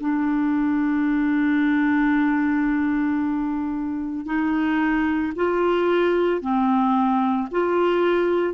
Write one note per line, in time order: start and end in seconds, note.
0.00 4.25 D4
4.25 5.32 D#4
5.35 6.41 F4
6.41 7.48 C4
7.51 8.54 F4